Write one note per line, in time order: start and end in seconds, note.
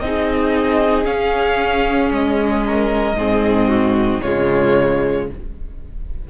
0.00 1.05 C4
0.00 1.04 D#4
0.00 2.66 G#4
0.00 1.05 D#5
1.04 3.14 C#4
1.04 2.11 C#4
1.04 2.10 F5
2.11 3.14 G#3
2.11 4.21 D#5
2.66 3.18 A#4
3.14 4.19 G#2
3.14 4.22 C4
3.14 3.68 G#4
3.68 4.21 F#4
4.21 5.30 C#3
4.21 5.28 G#3
4.21 5.27 F4
4.21 5.27 C#5